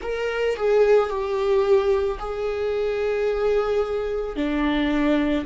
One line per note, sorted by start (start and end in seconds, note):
0.01 0.56 A#4
0.56 1.09 G#4
1.09 2.18 G4
2.19 4.35 G#4
4.35 5.44 D4